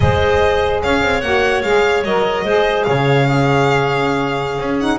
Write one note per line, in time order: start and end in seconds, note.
0.00 0.82 G#3
0.00 1.21 G#4
0.00 0.83 C5
0.00 0.81 D#5
0.82 1.02 C#4
0.82 2.44 C#5
0.82 1.21 F5
1.02 1.22 C4
1.21 1.63 A#3
1.21 1.64 F#4
1.21 1.61 F#5
1.62 2.04 G#3
1.62 2.05 G#4
1.62 2.03 F5
2.04 2.44 F#3
2.04 2.45 A#4
2.04 2.83 D#5
2.44 2.85 G#3
2.44 3.26 G#4
2.44 2.85 C5
2.83 4.58 C#3
2.83 3.27 C#5
2.83 4.77 F5
3.26 4.80 C#4
3.26 4.98 G#4
4.58 4.98 C#4
4.80 4.98 D#4
4.80 4.98 F#5